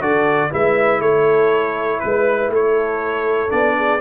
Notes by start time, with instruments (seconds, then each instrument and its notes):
0.00 tuba D3, trombone F#4, horn A4, trumpet D5
0.50 tuba G#3, trombone E4, horn B4, trumpet E5
1.00 tuba A3, horn A4, trumpet C#5
2.00 tuba G#3, trumpet B4, horn B4
2.48 tuba A3, horn A4
2.55 trumpet C#5
3.50 tuba B3, trombone D4, trumpet D5
3.77 horn G#4